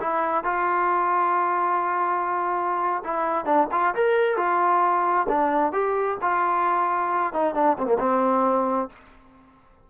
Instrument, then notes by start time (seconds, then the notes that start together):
trombone
0.00 E4
0.44 F4
3.04 E4
3.45 D4
3.72 F4
3.95 A#4
4.37 F4
5.29 D4
5.73 G4
6.22 F4
7.33 D#4
7.54 D4
7.78 C4
7.86 A#3
7.99 C4